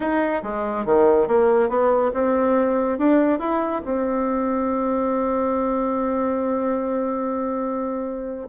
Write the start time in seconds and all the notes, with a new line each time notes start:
0.00 D#4
0.42 G#3
0.85 D#3
1.27 A#3
1.69 B3
2.13 C4
2.98 D4
3.39 E4
3.85 C4